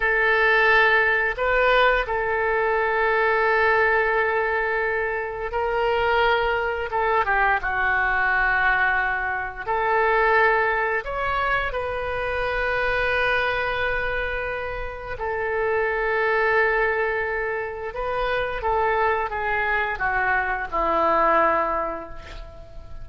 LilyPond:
\new Staff \with { instrumentName = "oboe" } { \time 4/4 \tempo 4 = 87 a'2 b'4 a'4~ | a'1 | ais'2 a'8 g'8 fis'4~ | fis'2 a'2 |
cis''4 b'2.~ | b'2 a'2~ | a'2 b'4 a'4 | gis'4 fis'4 e'2 | }